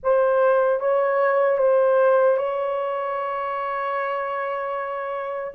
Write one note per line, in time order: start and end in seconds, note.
0.03 0.80 C5
0.80 1.58 C#5
1.58 2.37 C5
2.37 5.53 C#5